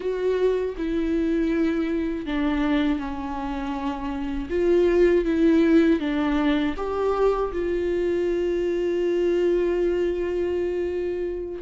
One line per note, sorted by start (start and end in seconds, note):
0.00 0.75 F#4
0.77 2.25 E4
2.25 2.99 D4
2.99 4.49 C#4
4.49 5.24 F4
5.24 5.99 E4
5.99 6.74 D4
6.76 7.51 G4
7.52 11.62 F4